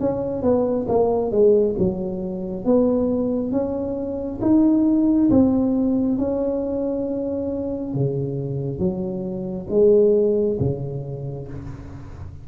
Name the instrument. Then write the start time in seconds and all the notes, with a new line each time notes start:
tuba
0.00 C#4
0.43 B3
0.88 A#3
1.32 G#3
1.79 F#3
2.65 B3
3.52 C#4
4.42 D#4
5.30 C4
6.18 C#4
7.94 C#3
8.79 F#3
9.70 G#3
10.60 C#3